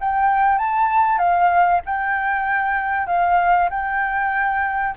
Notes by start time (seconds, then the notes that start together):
0.00 G5
0.58 A5
1.18 F5
1.86 G5
3.07 F5
3.70 G5